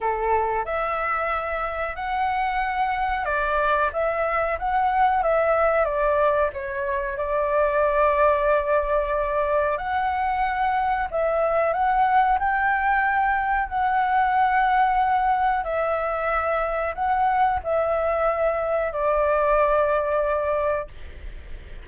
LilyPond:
\new Staff \with { instrumentName = "flute" } { \time 4/4 \tempo 4 = 92 a'4 e''2 fis''4~ | fis''4 d''4 e''4 fis''4 | e''4 d''4 cis''4 d''4~ | d''2. fis''4~ |
fis''4 e''4 fis''4 g''4~ | g''4 fis''2. | e''2 fis''4 e''4~ | e''4 d''2. | }